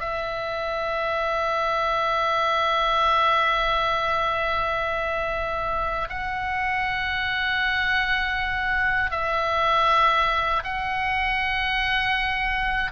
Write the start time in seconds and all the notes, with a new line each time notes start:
0.00 E5
6.09 F#5
9.11 E5
10.63 F#5